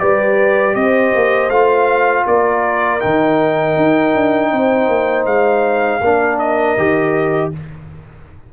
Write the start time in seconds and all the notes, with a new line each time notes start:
0.00 G3 G4 B4 D5
0.75 C4 C5 D#5
1.15 A#3
1.50 A3 F4 F5
2.26 A#3 A#4 D5
3.00 D#3 D#4 G5
3.77 D#4
4.15 D4
4.52 C4 C5
4.88 A#3
5.25 G#3 F5
6.01 A#3 D4 A#4
6.39 D#5
6.77 D#3 G4